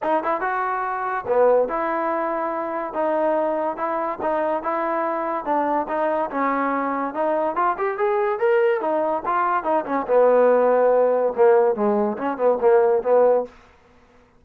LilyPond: \new Staff \with { instrumentName = "trombone" } { \time 4/4 \tempo 4 = 143 dis'8 e'8 fis'2 b4 | e'2. dis'4~ | dis'4 e'4 dis'4 e'4~ | e'4 d'4 dis'4 cis'4~ |
cis'4 dis'4 f'8 g'8 gis'4 | ais'4 dis'4 f'4 dis'8 cis'8 | b2. ais4 | gis4 cis'8 b8 ais4 b4 | }